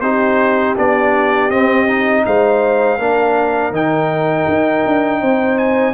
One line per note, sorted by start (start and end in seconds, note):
0.00 0.75 C4
0.00 0.76 D#4
0.00 2.24 G4
0.00 0.74 C5
0.76 1.50 B3
0.76 1.50 D4
0.76 1.50 D5
1.50 2.24 C4
1.50 1.87 C4
1.50 2.24 D#5
1.87 2.98 D#4
2.25 2.98 G#3
2.25 2.98 C5
2.25 3.73 F5
2.98 3.71 A#3
2.98 3.73 D4
2.98 5.20 A#4
3.71 4.45 D#3
3.71 5.93 D#4
3.71 5.58 G5
4.48 4.85 D#4
4.85 5.22 D4
5.20 5.93 C4
5.20 5.93 C5
5.58 5.93 G#5